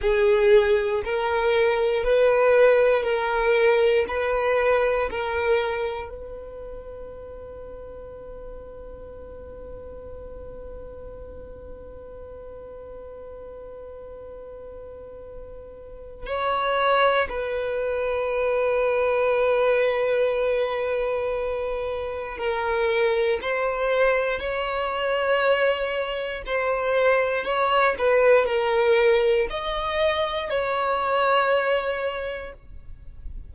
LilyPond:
\new Staff \with { instrumentName = "violin" } { \time 4/4 \tempo 4 = 59 gis'4 ais'4 b'4 ais'4 | b'4 ais'4 b'2~ | b'1~ | b'1 |
cis''4 b'2.~ | b'2 ais'4 c''4 | cis''2 c''4 cis''8 b'8 | ais'4 dis''4 cis''2 | }